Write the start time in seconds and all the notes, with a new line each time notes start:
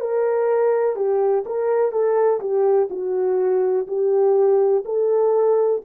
0.00 A#4
0.96 G4
1.46 A#4
1.92 A4
2.40 G4
2.90 F#4
3.88 G4
4.85 A4